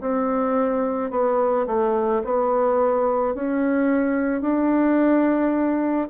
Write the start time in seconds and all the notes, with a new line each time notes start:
0.00 C4
1.10 B3
1.66 A3
2.24 B3
3.34 C#4
4.41 D4